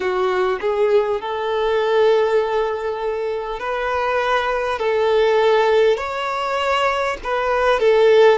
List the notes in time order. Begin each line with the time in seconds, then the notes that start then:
0.00 F#4
0.60 G#4
1.21 A4
3.59 B4
4.78 A4
5.97 C#5
7.23 B4
7.79 A4